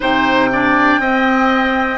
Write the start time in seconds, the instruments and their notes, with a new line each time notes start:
0.00 bassoon C3, clarinet D#4, oboe C5, flute G5
0.52 clarinet D4, oboe D5
0.99 bassoon C4, clarinet C4, oboe D#5